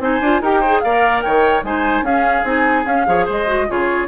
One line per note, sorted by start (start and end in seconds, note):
0.00 0.20 C4
0.00 0.21 D#4
0.00 0.42 C5
0.00 0.43 G#5
0.21 0.41 D4
0.21 0.43 F4
0.41 0.82 D#4
0.41 0.64 G4
0.41 0.61 A#4
0.41 0.80 G5
0.61 0.86 G#4
0.61 0.81 C5
0.80 1.25 A#3
0.80 1.65 A#4
0.80 1.24 D5
0.80 1.21 F5
1.22 1.63 D#3
1.22 1.65 C#5
1.22 1.62 G5
1.63 2.02 G#3
1.63 2.05 D#4
1.63 2.05 C5
1.63 2.05 G#5
2.02 2.43 C#4
2.02 2.45 C#4
2.02 3.07 G#4
2.02 2.46 F5
2.44 2.85 C4
2.44 2.85 D#4
2.44 2.86 G#5
2.86 3.07 C#4
2.86 3.27 F5
3.07 3.28 F3
3.07 3.47 G#4
3.07 3.26 C#5
3.26 3.70 G#3
3.26 3.66 C5
3.26 3.71 D#5
3.47 3.67 F#4
3.68 4.08 C#3
3.68 4.08 F4
3.68 4.08 G#4
3.68 4.08 C#5